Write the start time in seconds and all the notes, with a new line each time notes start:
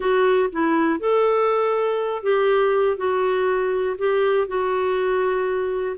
0.00 F#4
0.52 E4
0.99 A4
2.22 G4
2.97 F#4
3.98 G4
4.47 F#4